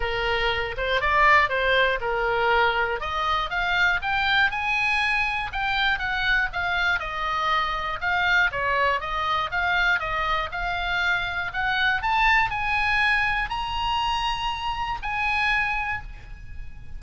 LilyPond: \new Staff \with { instrumentName = "oboe" } { \time 4/4 \tempo 4 = 120 ais'4. c''8 d''4 c''4 | ais'2 dis''4 f''4 | g''4 gis''2 g''4 | fis''4 f''4 dis''2 |
f''4 cis''4 dis''4 f''4 | dis''4 f''2 fis''4 | a''4 gis''2 ais''4~ | ais''2 gis''2 | }